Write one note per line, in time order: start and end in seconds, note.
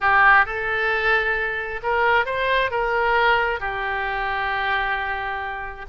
0.00 0.45 G4
0.45 1.80 A4
1.82 2.25 A#4
2.25 2.70 C5
2.70 3.60 A#4
3.60 5.85 G4